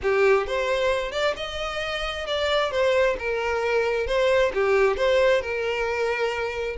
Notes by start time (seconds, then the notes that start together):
0.02 G4
0.46 C5
1.11 D5
1.36 D#5
2.26 D5
2.71 C5
3.18 A#4
4.06 C5
4.54 G4
4.96 C5
5.41 A#4